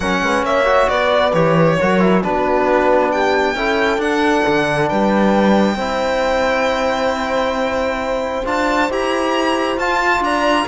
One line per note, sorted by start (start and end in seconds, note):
0.00 0.20 F#3
0.00 0.64 C#4
0.00 0.21 A#4
0.00 0.44 F#5
0.21 0.42 G#3
0.21 0.45 B4
0.42 0.87 A#3
0.42 0.89 C#5
0.42 0.88 E5
0.64 1.31 F#4
0.88 1.33 B3
0.88 1.78 B4
0.88 1.33 D5
1.33 1.77 E3
1.33 1.78 G4
1.33 2.22 C#5
1.79 2.24 F#3
1.79 1.99 F#4
1.79 2.23 A#4
1.99 2.22 E4
2.22 3.54 B3
2.22 3.56 D4
2.22 3.12 F#4
2.22 3.11 B4
3.11 3.55 G4
3.11 4.00 G5
3.54 3.97 C#4
3.54 3.99 E4
3.54 4.88 A4
3.97 4.42 D4
3.97 5.77 D4
3.97 4.88 F#5
4.47 4.91 D3
4.88 5.75 G3
4.88 5.76 B4
4.88 8.44 G5
5.75 8.42 C4
5.75 8.45 E4
5.75 10.20 C5
8.45 8.89 D4
8.45 8.89 F4
8.45 8.91 A5
8.89 9.77 E4
8.89 9.78 G4
8.89 9.78 A#5
9.77 10.20 F4
9.77 10.67 F4
9.77 10.23 A5
10.20 10.64 D4
10.20 10.67 D5
10.20 10.67 A#5